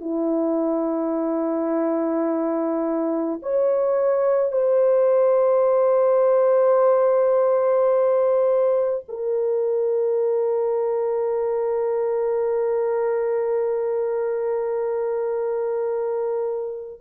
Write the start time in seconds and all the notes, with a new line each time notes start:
0.00 E4
3.42 C#5
4.52 C5
9.08 A#4